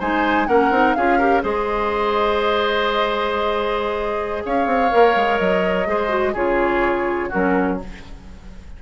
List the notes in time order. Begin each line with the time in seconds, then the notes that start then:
0.00 G#3 D#4 C5 G#5
0.47 A#3 C#4 A#4 F#5
0.71 C4 D#4
0.94 C#4 F4 G#4 F5
1.19 G4 A#4
1.42 G#3 G#4 C5 D#5
4.46 C#4 C#5 F5
4.67 C4
4.91 A#3 A#4
5.16 G#3
5.39 F#3 D#5
5.87 G#3 G#4 C5
6.09 F#4
6.34 C#3 F4 G#4 C#5
7.29 F#3 C#4 F#4 A#4